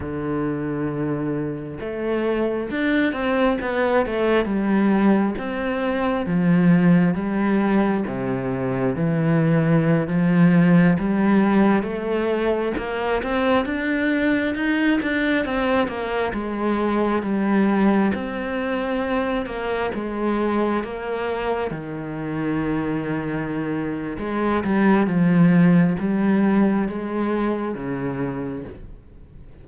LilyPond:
\new Staff \with { instrumentName = "cello" } { \time 4/4 \tempo 4 = 67 d2 a4 d'8 c'8 | b8 a8 g4 c'4 f4 | g4 c4 e4~ e16 f8.~ | f16 g4 a4 ais8 c'8 d'8.~ |
d'16 dis'8 d'8 c'8 ais8 gis4 g8.~ | g16 c'4. ais8 gis4 ais8.~ | ais16 dis2~ dis8. gis8 g8 | f4 g4 gis4 cis4 | }